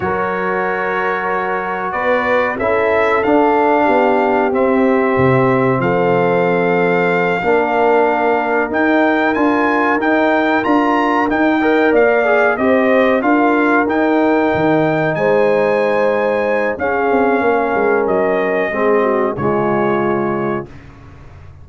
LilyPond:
<<
  \new Staff \with { instrumentName = "trumpet" } { \time 4/4 \tempo 4 = 93 cis''2. d''4 | e''4 f''2 e''4~ | e''4 f''2.~ | f''4. g''4 gis''4 g''8~ |
g''8 ais''4 g''4 f''4 dis''8~ | dis''8 f''4 g''2 gis''8~ | gis''2 f''2 | dis''2 cis''2 | }
  \new Staff \with { instrumentName = "horn" } { \time 4/4 ais'2. b'4 | a'2 g'2~ | g'4 a'2~ a'8 ais'8~ | ais'1~ |
ais'2 dis''8 d''4 c''8~ | c''8 ais'2. c''8~ | c''2 gis'4 ais'4~ | ais'4 gis'8 fis'8 f'2 | }
  \new Staff \with { instrumentName = "trombone" } { \time 4/4 fis'1 | e'4 d'2 c'4~ | c'2.~ c'8 d'8~ | d'4. dis'4 f'4 dis'8~ |
dis'8 f'4 dis'8 ais'4 gis'8 g'8~ | g'8 f'4 dis'2~ dis'8~ | dis'2 cis'2~ | cis'4 c'4 gis2 | }
  \new Staff \with { instrumentName = "tuba" } { \time 4/4 fis2. b4 | cis'4 d'4 b4 c'4 | c4 f2~ f8 ais8~ | ais4. dis'4 d'4 dis'8~ |
dis'8 d'4 dis'4 ais4 c'8~ | c'8 d'4 dis'4 dis4 gis8~ | gis2 cis'8 c'8 ais8 gis8 | fis4 gis4 cis2 | }
>>